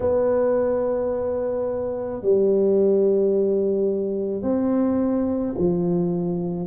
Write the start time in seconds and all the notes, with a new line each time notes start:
0.00 B3
2.22 G3
4.42 C4
5.58 F3